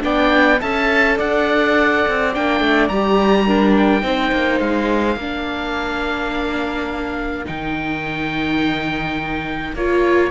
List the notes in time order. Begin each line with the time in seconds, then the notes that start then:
0.00 B3 D4 D5 G5
0.60 C#4 A4 E5 A5
1.16 D4 D5 F#5
2.07 C4
2.33 A#3 D4 G5
2.60 A3
2.88 G3 G4 A#5
3.45 D4 A#4
3.77 G5
4.01 C4 D#4 C5
4.31 A#3
4.59 G#3 F5
5.16 A#3 D4 A#4
7.45 D#3 D#4 G5
9.74 A#3 F4 C#5